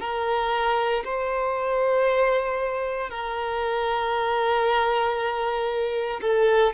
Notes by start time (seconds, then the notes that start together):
0.00 A#4
1.04 C5
3.10 A#4
6.22 A4